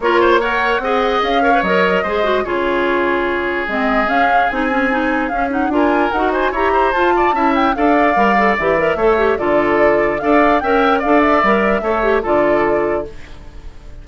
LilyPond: <<
  \new Staff \with { instrumentName = "flute" } { \time 4/4 \tempo 4 = 147 cis''4 fis''2 f''4 | dis''2 cis''2~ | cis''4 dis''4 f''4 gis''4~ | gis''4 f''8 fis''8 gis''4 fis''8 gis''8 |
ais''4 a''4. g''8 f''4~ | f''4 e''2 d''4~ | d''4 f''4 g''4 f''8 e''8~ | e''2 d''2 | }
  \new Staff \with { instrumentName = "oboe" } { \time 4/4 ais'8 c''8 cis''4 dis''4. cis''8~ | cis''4 c''4 gis'2~ | gis'1~ | gis'2 ais'4. c''8 |
cis''8 c''4 d''8 e''4 d''4~ | d''2 cis''4 a'4~ | a'4 d''4 e''4 d''4~ | d''4 cis''4 a'2 | }
  \new Staff \with { instrumentName = "clarinet" } { \time 4/4 f'4 ais'4 gis'4. ais'16 b'16 | ais'4 gis'8 fis'8 f'2~ | f'4 c'4 cis'4 dis'8 cis'8 | dis'4 cis'8 dis'8 f'4 fis'4 |
g'4 f'4 e'4 a'4 | ais'8 a'8 g'8 ais'8 a'8 g'8 f'4~ | f'4 a'4 ais'4 a'4 | ais'4 a'8 g'8 f'2 | }
  \new Staff \with { instrumentName = "bassoon" } { \time 4/4 ais2 c'4 cis'4 | fis4 gis4 cis2~ | cis4 gis4 cis'4 c'4~ | c'4 cis'4 d'4 dis'4 |
e'4 f'4 cis'4 d'4 | g4 e4 a4 d4~ | d4 d'4 cis'4 d'4 | g4 a4 d2 | }
>>